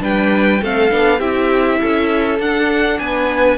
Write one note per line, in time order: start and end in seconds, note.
0.00 0.62 G3
0.00 0.59 D4
0.00 0.61 B4
0.00 0.63 G5
0.61 0.92 A3
0.61 0.91 C4
0.61 1.18 A4
0.61 1.20 F5
0.91 1.20 B3
0.91 1.20 D4
1.18 1.79 C4
1.18 2.38 E4
1.18 1.77 G4
1.18 2.39 E5
1.81 2.39 C#4
1.81 3.00 A4
2.39 2.99 D4
2.39 3.58 D4
2.39 2.99 F#5
2.99 3.58 B3
2.99 3.58 B4
2.99 3.58 G#5